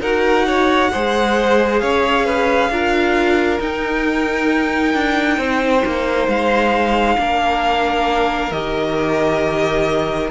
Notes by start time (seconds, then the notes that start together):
0.00 D#4 F#4 A#4 F#5
0.46 C#5
0.92 G#3 G#4 C5
1.79 C#4 C#5 F5
2.25 B4
2.70 D4 F4 A#4
3.60 D#4 G5
4.94 D4
5.38 C4 C5
5.86 A#3
6.28 G#3 F5
7.18 A#3 D4 A#4
8.51 D#3 G4 D#5